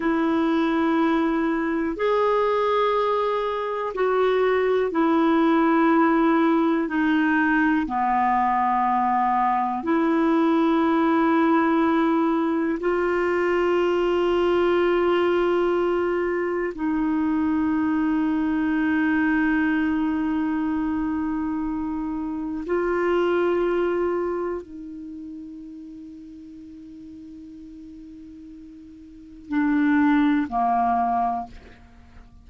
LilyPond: \new Staff \with { instrumentName = "clarinet" } { \time 4/4 \tempo 4 = 61 e'2 gis'2 | fis'4 e'2 dis'4 | b2 e'2~ | e'4 f'2.~ |
f'4 dis'2.~ | dis'2. f'4~ | f'4 dis'2.~ | dis'2 d'4 ais4 | }